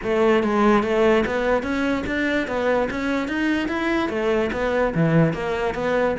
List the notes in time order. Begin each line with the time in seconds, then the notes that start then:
0.03 A3
0.43 G#3
0.83 A3
1.25 B3
1.62 C#4
2.06 D4
2.47 B3
2.90 C#4
3.28 D#4
3.68 E4
4.09 A3
4.52 B3
4.94 E3
5.33 A#3
5.74 B3